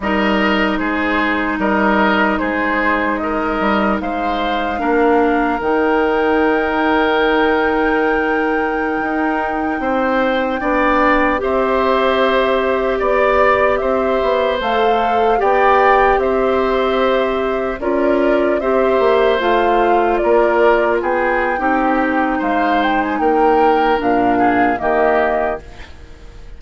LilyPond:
<<
  \new Staff \with { instrumentName = "flute" } { \time 4/4 \tempo 4 = 75 dis''4 c''4 dis''4 c''4 | dis''4 f''2 g''4~ | g''1~ | g''2~ g''16 e''4.~ e''16~ |
e''16 d''4 e''4 f''4 g''8.~ | g''16 e''2 d''4 e''8.~ | e''16 f''4 d''4 g''4.~ g''16 | f''8 g''16 gis''16 g''4 f''4 dis''4 | }
  \new Staff \with { instrumentName = "oboe" } { \time 4/4 ais'4 gis'4 ais'4 gis'4 | ais'4 c''4 ais'2~ | ais'1~ | ais'16 c''4 d''4 c''4.~ c''16~ |
c''16 d''4 c''2 d''8.~ | d''16 c''2 ais'4 c''8.~ | c''4~ c''16 ais'4 gis'8. g'4 | c''4 ais'4. gis'8 g'4 | }
  \new Staff \with { instrumentName = "clarinet" } { \time 4/4 dis'1~ | dis'2 d'4 dis'4~ | dis'1~ | dis'4~ dis'16 d'4 g'4.~ g'16~ |
g'2~ g'16 a'4 g'8.~ | g'2~ g'16 f'4 g'8.~ | g'16 f'2~ f'8. dis'4~ | dis'2 d'4 ais4 | }
  \new Staff \with { instrumentName = "bassoon" } { \time 4/4 g4 gis4 g4 gis4~ | gis8 g8 gis4 ais4 dis4~ | dis2.~ dis16 dis'8.~ | dis'16 c'4 b4 c'4.~ c'16~ |
c'16 b4 c'8 b8 a4 b8.~ | b16 c'2 cis'4 c'8 ais16~ | ais16 a4 ais4 b8. c'4 | gis4 ais4 ais,4 dis4 | }
>>